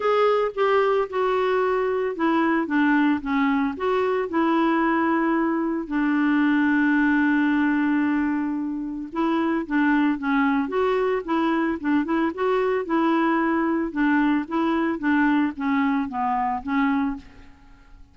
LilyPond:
\new Staff \with { instrumentName = "clarinet" } { \time 4/4 \tempo 4 = 112 gis'4 g'4 fis'2 | e'4 d'4 cis'4 fis'4 | e'2. d'4~ | d'1~ |
d'4 e'4 d'4 cis'4 | fis'4 e'4 d'8 e'8 fis'4 | e'2 d'4 e'4 | d'4 cis'4 b4 cis'4 | }